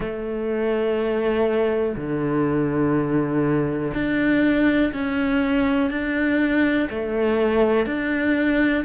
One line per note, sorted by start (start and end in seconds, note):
0.00 1.95 A3
1.96 3.93 D3
3.93 4.92 D4
4.93 5.90 C#4
5.90 6.89 D4
6.90 7.86 A3
7.86 8.84 D4